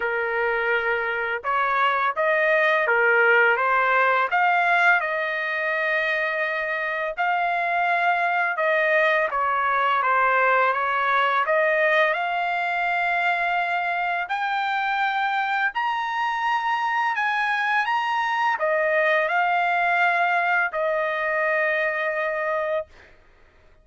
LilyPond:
\new Staff \with { instrumentName = "trumpet" } { \time 4/4 \tempo 4 = 84 ais'2 cis''4 dis''4 | ais'4 c''4 f''4 dis''4~ | dis''2 f''2 | dis''4 cis''4 c''4 cis''4 |
dis''4 f''2. | g''2 ais''2 | gis''4 ais''4 dis''4 f''4~ | f''4 dis''2. | }